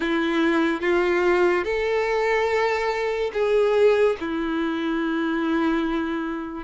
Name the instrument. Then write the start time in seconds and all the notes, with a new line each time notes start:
violin
0.00 E4
0.81 F4
1.64 A4
3.33 G#4
4.20 E4